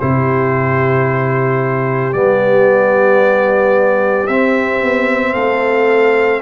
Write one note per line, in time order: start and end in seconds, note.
0.00 2.14 C3
0.00 2.14 E4
0.00 5.33 G4
0.00 2.13 C5
2.13 4.28 G3
2.13 4.28 B3
2.13 4.27 D5
4.27 4.81 C4
4.27 6.42 C4
4.27 5.34 E5
4.81 5.35 B3
5.33 6.42 A3
5.33 6.40 A4
5.33 6.41 F5